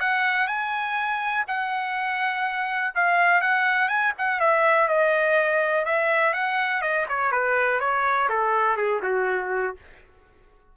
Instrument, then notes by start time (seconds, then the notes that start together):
trumpet
0.00 F#5
0.47 G#5
1.47 F#5
2.95 F5
3.41 F#5
3.88 G#5
4.18 F#5
4.40 E5
4.88 D#5
5.85 E5
6.33 F#5
6.82 D#5
7.09 C#5
7.31 B4
7.80 C#5
8.29 A4
8.77 G#4
9.02 F#4